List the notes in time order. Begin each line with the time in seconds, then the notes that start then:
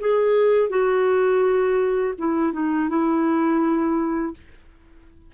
0.00 G#4
0.69 F#4
2.18 E4
2.52 D#4
2.89 E4